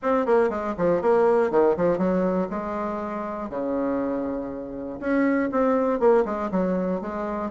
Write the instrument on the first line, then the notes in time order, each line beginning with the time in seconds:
bassoon
0.02 C4
0.25 A#3
0.49 G#3
0.77 F3
1.01 A#3
1.50 D#3
1.76 F3
1.97 F#3
2.50 G#3
3.49 C#3
5.00 C#4
5.51 C4
5.99 A#3
6.25 G#3
6.51 F#3
7.01 G#3